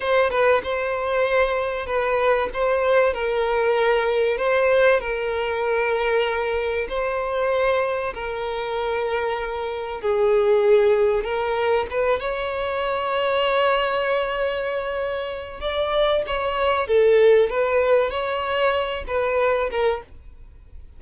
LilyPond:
\new Staff \with { instrumentName = "violin" } { \time 4/4 \tempo 4 = 96 c''8 b'8 c''2 b'4 | c''4 ais'2 c''4 | ais'2. c''4~ | c''4 ais'2. |
gis'2 ais'4 b'8 cis''8~ | cis''1~ | cis''4 d''4 cis''4 a'4 | b'4 cis''4. b'4 ais'8 | }